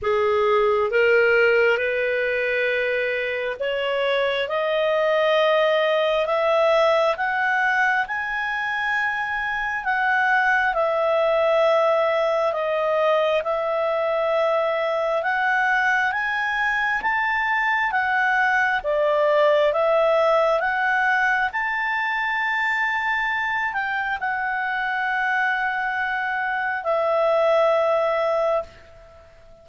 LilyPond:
\new Staff \with { instrumentName = "clarinet" } { \time 4/4 \tempo 4 = 67 gis'4 ais'4 b'2 | cis''4 dis''2 e''4 | fis''4 gis''2 fis''4 | e''2 dis''4 e''4~ |
e''4 fis''4 gis''4 a''4 | fis''4 d''4 e''4 fis''4 | a''2~ a''8 g''8 fis''4~ | fis''2 e''2 | }